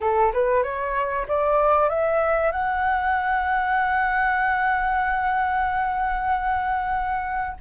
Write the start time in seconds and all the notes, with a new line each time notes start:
0.00 A4
0.33 B4
0.63 C#5
1.28 D5
1.89 E5
2.51 F#5